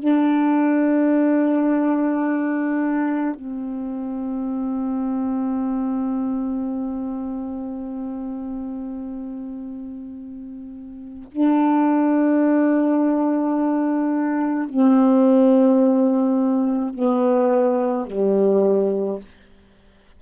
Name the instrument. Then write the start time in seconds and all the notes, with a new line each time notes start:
saxophone
0.00 D4
3.36 C4
11.32 D4
14.69 C4
16.95 B3
18.07 G3